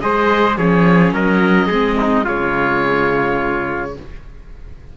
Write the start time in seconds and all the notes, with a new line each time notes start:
0.00 G#3 G#4 C5 D#5
0.56 F3 C#4 G#4 C#5
1.12 F#3 A#4 D#5
1.66 G#3 C4 G#4
2.00 D#4
2.24 C#3 G#3 F4 C#5